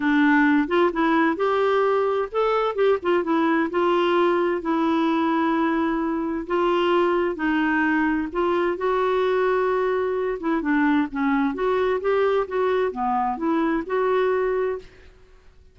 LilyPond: \new Staff \with { instrumentName = "clarinet" } { \time 4/4 \tempo 4 = 130 d'4. f'8 e'4 g'4~ | g'4 a'4 g'8 f'8 e'4 | f'2 e'2~ | e'2 f'2 |
dis'2 f'4 fis'4~ | fis'2~ fis'8 e'8 d'4 | cis'4 fis'4 g'4 fis'4 | b4 e'4 fis'2 | }